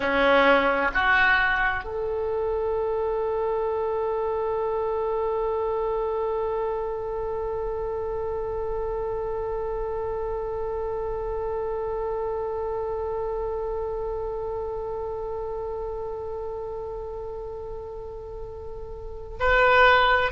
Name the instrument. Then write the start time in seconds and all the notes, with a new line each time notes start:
oboe
0.00 C#4
0.94 F#4
1.83 A4
19.39 B4